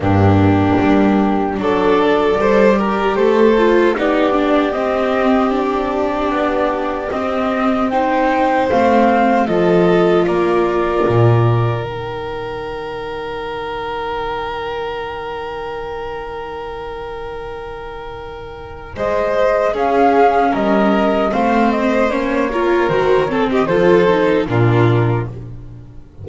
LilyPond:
<<
  \new Staff \with { instrumentName = "flute" } { \time 4/4 \tempo 4 = 76 g'2 d''2 | c''4 d''4 dis''4 d''4~ | d''4 dis''4 g''4 f''4 | dis''4 d''2 g''4~ |
g''1~ | g''1 | dis''4 f''4 dis''4 f''8 dis''8 | cis''4 c''8 cis''16 dis''16 c''4 ais'4 | }
  \new Staff \with { instrumentName = "violin" } { \time 4/4 d'2 a'4 c''8 ais'8 | a'4 g'2.~ | g'2 c''2 | a'4 ais'2.~ |
ais'1~ | ais'1 | c''4 gis'4 ais'4 c''4~ | c''8 ais'4 a'16 g'16 a'4 f'4 | }
  \new Staff \with { instrumentName = "viola" } { \time 4/4 ais2 d'4 a'8 g'8~ | g'8 f'8 dis'8 d'8 c'4 d'4~ | d'4 c'4 dis'4 c'4 | f'2. dis'4~ |
dis'1~ | dis'1~ | dis'4 cis'2 c'4 | cis'8 f'8 fis'8 c'8 f'8 dis'8 d'4 | }
  \new Staff \with { instrumentName = "double bass" } { \time 4/4 g,4 g4 fis4 g4 | a4 b4 c'2 | b4 c'2 a4 | f4 ais4 ais,4 dis4~ |
dis1~ | dis1 | gis4 cis'4 g4 a4 | ais4 dis4 f4 ais,4 | }
>>